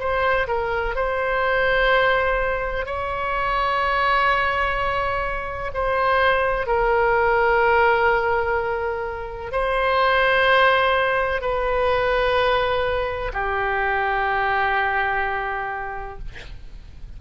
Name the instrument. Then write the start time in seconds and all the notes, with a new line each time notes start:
oboe
0.00 C5
0.48 A#4
0.96 C5
2.86 C#5
5.74 C5
6.67 A#4
9.52 C5
11.42 B4
13.33 G4